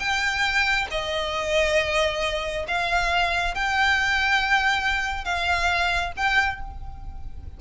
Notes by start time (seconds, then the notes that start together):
0.00 G5
0.91 D#5
2.68 F5
3.55 G5
5.25 F5
6.17 G5